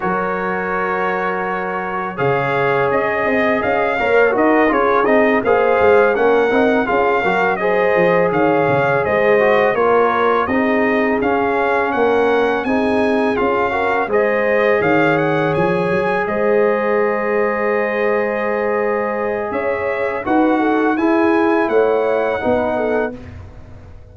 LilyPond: <<
  \new Staff \with { instrumentName = "trumpet" } { \time 4/4 \tempo 4 = 83 cis''2. f''4 | dis''4 f''4 dis''8 cis''8 dis''8 f''8~ | f''8 fis''4 f''4 dis''4 f''8~ | f''8 dis''4 cis''4 dis''4 f''8~ |
f''8 fis''4 gis''4 f''4 dis''8~ | dis''8 f''8 fis''8 gis''4 dis''4.~ | dis''2. e''4 | fis''4 gis''4 fis''2 | }
  \new Staff \with { instrumentName = "horn" } { \time 4/4 ais'2. cis''4~ | cis''8 dis''4 cis''8 ais'8 gis'4 c''8~ | c''8 ais'4 gis'8 ais'8 c''4 cis''8~ | cis''8 c''4 ais'4 gis'4.~ |
gis'8 ais'4 gis'4. ais'8 c''8~ | c''8 cis''2 c''4.~ | c''2. cis''4 | b'8 a'8 gis'4 cis''4 b'8 a'8 | }
  \new Staff \with { instrumentName = "trombone" } { \time 4/4 fis'2. gis'4~ | gis'4. ais'8 fis'8 f'8 dis'8 gis'8~ | gis'8 cis'8 dis'8 f'8 fis'8 gis'4.~ | gis'4 fis'8 f'4 dis'4 cis'8~ |
cis'4. dis'4 f'8 fis'8 gis'8~ | gis'1~ | gis'1 | fis'4 e'2 dis'4 | }
  \new Staff \with { instrumentName = "tuba" } { \time 4/4 fis2. cis4 | cis'8 c'8 cis'8 ais8 dis'8 cis'8 c'8 ais8 | gis8 ais8 c'8 cis'8 fis4 f8 dis8 | cis8 gis4 ais4 c'4 cis'8~ |
cis'8 ais4 c'4 cis'4 gis8~ | gis8 dis4 f8 fis8 gis4.~ | gis2. cis'4 | dis'4 e'4 a4 b4 | }
>>